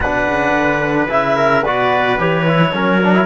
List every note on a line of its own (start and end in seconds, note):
0.00 0.26 B2
0.00 1.09 D4
0.00 1.36 B4
0.00 1.08 F#5
0.27 0.52 C#3
0.52 1.07 D3
1.09 1.65 C#3
1.09 1.63 E4
1.09 1.65 E5
1.36 1.63 A#4
1.63 2.18 B2
1.63 2.19 F#4
1.63 2.72 B4
1.63 2.19 D5
2.18 2.72 E3
2.18 2.46 G4
2.18 3.25 C#5
2.47 2.72 E4
2.72 3.25 F#3
2.72 3.00 C#4
2.72 3.25 A#4
3.03 3.14 D4
3.14 3.25 E4